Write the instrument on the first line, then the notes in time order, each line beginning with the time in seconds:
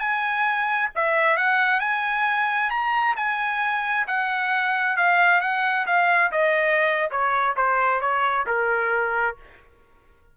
trumpet
0.00 G#5
0.96 E5
1.37 F#5
1.80 G#5
2.71 A#5
3.17 G#5
4.08 F#5
4.97 F5
5.41 F#5
5.87 F5
6.32 D#5
7.11 C#5
7.57 C5
8.01 C#5
8.47 A#4